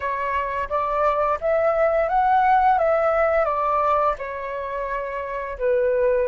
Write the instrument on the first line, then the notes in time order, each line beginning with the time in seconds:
flute
0.00 C#5
0.68 D5
1.40 E5
2.08 F#5
2.78 E5
3.44 D5
4.18 C#5
5.58 B4